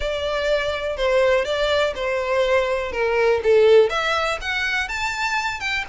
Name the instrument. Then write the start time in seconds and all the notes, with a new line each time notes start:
violin
0.00 D5
0.96 C5
1.44 D5
1.95 C5
2.91 A#4
3.43 A4
3.89 E5
4.41 F#5
4.88 A5
5.60 G5